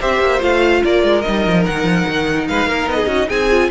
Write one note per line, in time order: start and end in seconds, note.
0.00 0.21 C4
0.00 0.40 G4
0.00 0.82 C5
0.00 0.42 E5
0.21 0.41 A#3
0.40 0.83 A3
0.40 1.23 F4
0.40 0.84 F5
0.84 1.04 A#3
0.84 2.49 A#4
0.84 1.22 D5
1.04 1.24 G#3
1.22 1.46 G3
1.22 3.51 D#4
1.22 1.63 D#5
1.46 1.67 F3
1.66 1.84 D#3
1.66 2.48 F#5
1.84 2.04 F3
2.08 2.49 D#3
2.48 2.66 G#3
2.48 2.69 B4
2.48 2.89 F5
2.66 2.87 A#3
2.66 2.97 A#4
2.87 3.07 B3
2.87 3.29 D#5
2.97 3.07 G#4
3.07 3.27 C#4
3.07 3.28 F#4
3.28 3.71 C4
3.28 3.69 G#4
3.28 3.70 G#5
3.51 3.71 F4